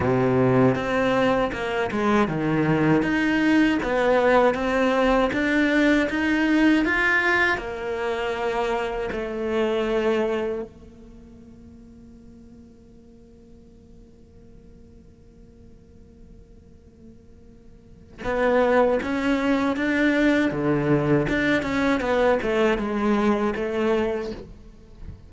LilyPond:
\new Staff \with { instrumentName = "cello" } { \time 4/4 \tempo 4 = 79 c4 c'4 ais8 gis8 dis4 | dis'4 b4 c'4 d'4 | dis'4 f'4 ais2 | a2 ais2~ |
ais1~ | ais1 | b4 cis'4 d'4 d4 | d'8 cis'8 b8 a8 gis4 a4 | }